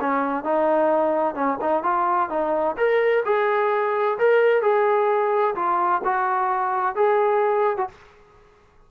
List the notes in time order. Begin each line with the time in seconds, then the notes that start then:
0.00 C#4
0.44 D#4
1.35 C#4
1.61 D#4
1.83 F4
2.29 D#4
2.77 A#4
3.25 G#4
4.18 A#4
4.62 G#4
5.55 F4
6.04 F#4
6.96 G#4
7.77 F#4